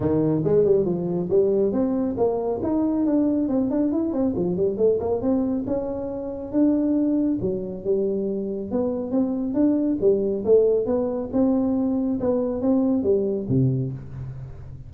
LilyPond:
\new Staff \with { instrumentName = "tuba" } { \time 4/4 \tempo 4 = 138 dis4 gis8 g8 f4 g4 | c'4 ais4 dis'4 d'4 | c'8 d'8 e'8 c'8 f8 g8 a8 ais8 | c'4 cis'2 d'4~ |
d'4 fis4 g2 | b4 c'4 d'4 g4 | a4 b4 c'2 | b4 c'4 g4 c4 | }